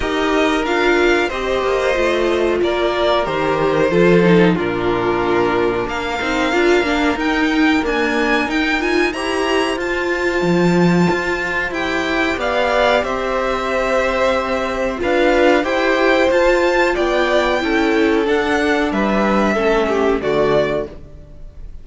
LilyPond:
<<
  \new Staff \with { instrumentName = "violin" } { \time 4/4 \tempo 4 = 92 dis''4 f''4 dis''2 | d''4 c''2 ais'4~ | ais'4 f''2 g''4 | gis''4 g''8 gis''8 ais''4 a''4~ |
a''2 g''4 f''4 | e''2. f''4 | g''4 a''4 g''2 | fis''4 e''2 d''4 | }
  \new Staff \with { instrumentName = "violin" } { \time 4/4 ais'2 c''2 | ais'2 a'4 f'4~ | f'4 ais'2.~ | ais'2 c''2~ |
c''2. d''4 | c''2. b'4 | c''2 d''4 a'4~ | a'4 b'4 a'8 g'8 fis'4 | }
  \new Staff \with { instrumentName = "viola" } { \time 4/4 g'4 f'4 g'4 f'4~ | f'4 g'4 f'8 dis'8 d'4~ | d'4. dis'8 f'8 d'8 dis'4 | ais4 dis'8 f'8 g'4 f'4~ |
f'2 g'2~ | g'2. f'4 | g'4 f'2 e'4 | d'2 cis'4 a4 | }
  \new Staff \with { instrumentName = "cello" } { \time 4/4 dis'4 d'4 c'8 ais8 a4 | ais4 dis4 f4 ais,4~ | ais,4 ais8 c'8 d'8 ais8 dis'4 | d'4 dis'4 e'4 f'4 |
f4 f'4 e'4 b4 | c'2. d'4 | e'4 f'4 b4 cis'4 | d'4 g4 a4 d4 | }
>>